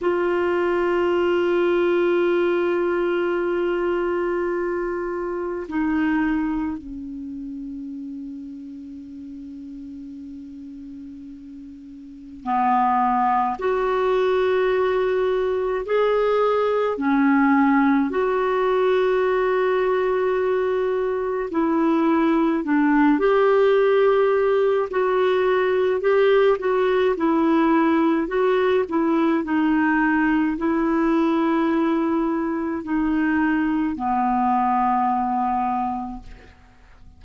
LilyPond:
\new Staff \with { instrumentName = "clarinet" } { \time 4/4 \tempo 4 = 53 f'1~ | f'4 dis'4 cis'2~ | cis'2. b4 | fis'2 gis'4 cis'4 |
fis'2. e'4 | d'8 g'4. fis'4 g'8 fis'8 | e'4 fis'8 e'8 dis'4 e'4~ | e'4 dis'4 b2 | }